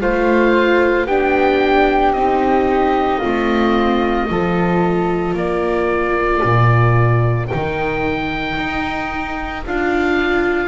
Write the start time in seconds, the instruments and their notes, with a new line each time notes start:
0.00 double bass A3, viola F4, flute C5, oboe F5
1.06 double bass B3, viola D4, flute G4, oboe G5
2.12 double bass C4, viola D#4, oboe D#5
3.19 double bass A3, viola C4, flute F4
4.30 double bass F3, viola F4, flute A4
5.34 double bass A#3, flute A#4, oboe D5
6.44 double bass A#2
7.47 viola D#4, oboe G5
7.54 double bass D#3
8.58 double bass D#4
9.66 double bass D4, viola F4, oboe F5